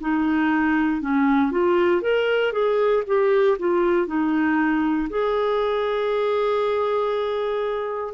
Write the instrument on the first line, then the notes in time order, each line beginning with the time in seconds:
clarinet
0.00 D#4
1.01 C#4
1.51 F4
2.01 A#4
2.52 G#4
3.06 G4
3.58 F4
4.06 D#4
5.09 G#4